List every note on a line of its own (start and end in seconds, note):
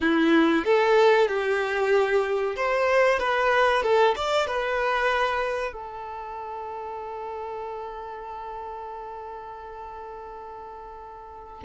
0.01 0.64 E4
0.64 1.28 A4
1.28 2.55 G4
2.56 3.19 C5
3.19 3.82 B4
3.83 4.15 A4
4.15 4.47 D5
4.47 5.72 B4
5.72 11.63 A4